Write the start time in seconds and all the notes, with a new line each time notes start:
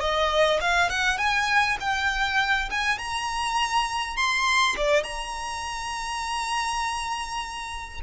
0.00 D#5
0.60 F5
0.89 F#5
1.18 G#5
1.80 G5
2.71 G#5
2.98 A#5
4.16 C6
4.76 D5
5.03 A#5